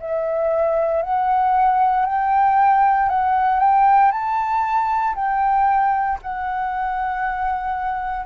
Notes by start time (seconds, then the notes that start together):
0.00 E5
1.03 F#5
2.06 G5
3.09 F#5
3.60 G5
4.11 A5
5.15 G5
6.22 F#5